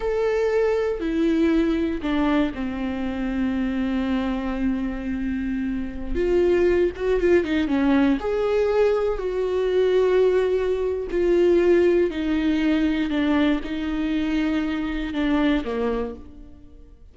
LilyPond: \new Staff \with { instrumentName = "viola" } { \time 4/4 \tempo 4 = 119 a'2 e'2 | d'4 c'2.~ | c'1~ | c'16 f'4. fis'8 f'8 dis'8 cis'8.~ |
cis'16 gis'2 fis'4.~ fis'16~ | fis'2 f'2 | dis'2 d'4 dis'4~ | dis'2 d'4 ais4 | }